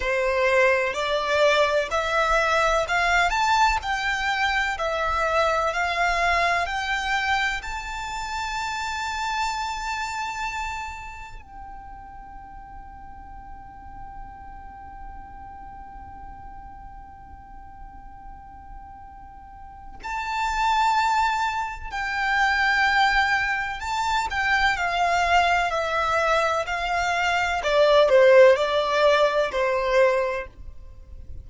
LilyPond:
\new Staff \with { instrumentName = "violin" } { \time 4/4 \tempo 4 = 63 c''4 d''4 e''4 f''8 a''8 | g''4 e''4 f''4 g''4 | a''1 | g''1~ |
g''1~ | g''4 a''2 g''4~ | g''4 a''8 g''8 f''4 e''4 | f''4 d''8 c''8 d''4 c''4 | }